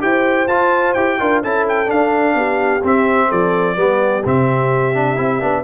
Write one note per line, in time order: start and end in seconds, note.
0.00 0.48 E4
0.00 0.47 G4
0.00 1.20 C5
0.00 0.48 G5
0.48 0.95 F4
0.48 0.97 F4
0.48 0.94 A5
0.94 1.19 E4
0.94 1.20 G4
0.94 1.41 G5
1.20 1.44 D4
1.20 1.43 F4
1.20 1.42 A#4
1.42 1.91 C#4
1.42 1.87 E4
1.42 2.36 A4
1.42 1.67 A5
1.69 1.91 G5
1.87 2.81 D4
1.87 2.35 D4
1.87 2.85 F5
2.35 2.82 B3
2.35 3.28 G4
2.84 3.31 C4
2.84 3.77 C4
2.84 3.32 E5
3.28 3.77 F3
3.28 3.75 A4
3.28 4.25 D5
3.77 4.24 G3
3.77 4.23 B3
3.77 5.64 G4
4.25 5.18 C3
4.25 4.95 C4
4.25 5.64 E5
4.95 5.17 D4
5.17 5.42 C4
5.17 5.40 E4
5.41 5.64 B3
5.41 5.64 D4